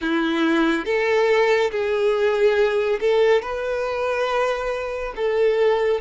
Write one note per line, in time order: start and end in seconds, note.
0.01 0.85 E4
0.85 1.71 A4
1.71 2.99 G#4
3.00 3.42 A4
3.42 5.13 B4
5.16 6.00 A4